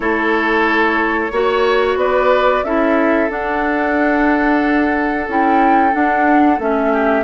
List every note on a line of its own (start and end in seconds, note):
0.00 1.31 A3
0.00 1.30 E4
0.00 1.32 A4
0.00 1.96 C#5
1.31 1.95 A#3
1.31 2.64 F#4
1.31 1.98 C#5
1.95 2.61 B3
1.95 2.65 B4
1.95 2.64 D5
2.63 3.29 C#4
2.63 3.29 E4
2.63 6.92 A4
2.63 3.30 E5
3.29 5.27 D4
3.29 5.29 F#5
5.27 5.93 C#4
5.27 5.91 E4
5.27 5.93 G5
5.91 6.57 D4
5.91 6.59 D4
5.91 6.59 F#5
6.59 7.24 A3
6.59 7.24 C#4
6.59 7.24 E5
6.92 7.24 G4